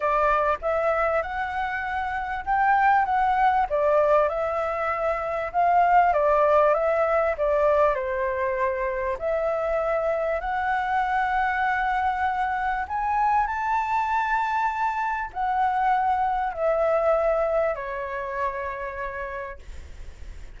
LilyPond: \new Staff \with { instrumentName = "flute" } { \time 4/4 \tempo 4 = 98 d''4 e''4 fis''2 | g''4 fis''4 d''4 e''4~ | e''4 f''4 d''4 e''4 | d''4 c''2 e''4~ |
e''4 fis''2.~ | fis''4 gis''4 a''2~ | a''4 fis''2 e''4~ | e''4 cis''2. | }